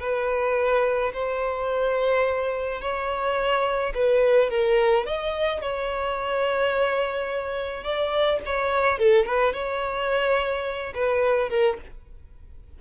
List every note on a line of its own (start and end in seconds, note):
0.00 1.12 B4
1.13 2.81 C5
2.81 3.93 C#5
3.94 4.50 B4
4.50 5.06 A#4
5.06 5.61 D#5
5.61 7.83 C#5
7.83 8.39 D5
8.45 8.98 C#5
8.98 9.25 A4
9.25 9.53 B4
9.53 10.93 C#5
10.94 11.49 B4
11.49 11.77 A#4